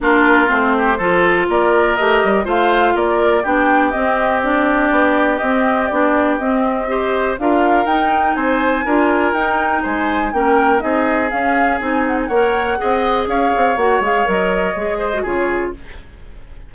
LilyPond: <<
  \new Staff \with { instrumentName = "flute" } { \time 4/4 \tempo 4 = 122 ais'4 c''2 d''4 | dis''4 f''4 d''4 g''4 | dis''4 d''2 dis''4 | d''4 dis''2 f''4 |
g''4 gis''2 g''4 | gis''4 g''4 dis''4 f''4 | gis''8 fis''16 gis''16 fis''2 f''4 | fis''8 f''8 dis''2 cis''4 | }
  \new Staff \with { instrumentName = "oboe" } { \time 4/4 f'4. g'8 a'4 ais'4~ | ais'4 c''4 ais'4 g'4~ | g'1~ | g'2 c''4 ais'4~ |
ais'4 c''4 ais'2 | c''4 ais'4 gis'2~ | gis'4 cis''4 dis''4 cis''4~ | cis''2~ cis''8 c''8 gis'4 | }
  \new Staff \with { instrumentName = "clarinet" } { \time 4/4 d'4 c'4 f'2 | g'4 f'2 d'4 | c'4 d'2 c'4 | d'4 c'4 g'4 f'4 |
dis'2 f'4 dis'4~ | dis'4 cis'4 dis'4 cis'4 | dis'4 ais'4 gis'2 | fis'8 gis'8 ais'4 gis'8. fis'16 f'4 | }
  \new Staff \with { instrumentName = "bassoon" } { \time 4/4 ais4 a4 f4 ais4 | a8 g8 a4 ais4 b4 | c'2 b4 c'4 | b4 c'2 d'4 |
dis'4 c'4 d'4 dis'4 | gis4 ais4 c'4 cis'4 | c'4 ais4 c'4 cis'8 c'8 | ais8 gis8 fis4 gis4 cis4 | }
>>